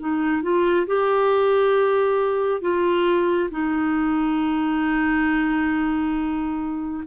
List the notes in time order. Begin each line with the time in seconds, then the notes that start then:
0.00 D#4
0.43 F4
0.87 G4
2.61 F4
3.51 D#4